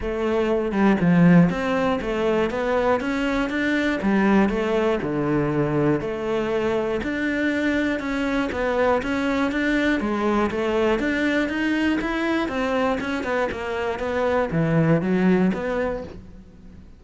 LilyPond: \new Staff \with { instrumentName = "cello" } { \time 4/4 \tempo 4 = 120 a4. g8 f4 c'4 | a4 b4 cis'4 d'4 | g4 a4 d2 | a2 d'2 |
cis'4 b4 cis'4 d'4 | gis4 a4 d'4 dis'4 | e'4 c'4 cis'8 b8 ais4 | b4 e4 fis4 b4 | }